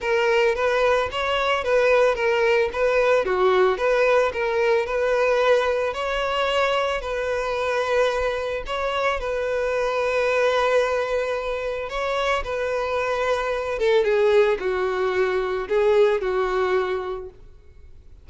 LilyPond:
\new Staff \with { instrumentName = "violin" } { \time 4/4 \tempo 4 = 111 ais'4 b'4 cis''4 b'4 | ais'4 b'4 fis'4 b'4 | ais'4 b'2 cis''4~ | cis''4 b'2. |
cis''4 b'2.~ | b'2 cis''4 b'4~ | b'4. a'8 gis'4 fis'4~ | fis'4 gis'4 fis'2 | }